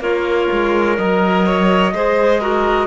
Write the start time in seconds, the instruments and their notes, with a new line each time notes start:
0.00 cello A#3, violin F4, clarinet A#4, flute C#5
0.52 cello G#3
0.97 cello F#3, violin A#4, flute D#5
1.46 violin C#5
1.93 cello G#3, clarinet G#4, violin C5
2.41 clarinet F#4, violin A#4